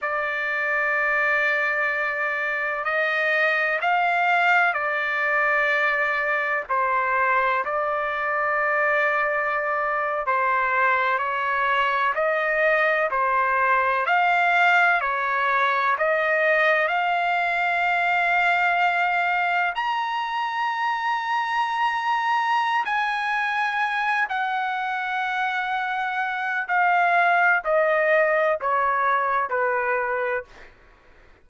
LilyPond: \new Staff \with { instrumentName = "trumpet" } { \time 4/4 \tempo 4 = 63 d''2. dis''4 | f''4 d''2 c''4 | d''2~ d''8. c''4 cis''16~ | cis''8. dis''4 c''4 f''4 cis''16~ |
cis''8. dis''4 f''2~ f''16~ | f''8. ais''2.~ ais''16 | gis''4. fis''2~ fis''8 | f''4 dis''4 cis''4 b'4 | }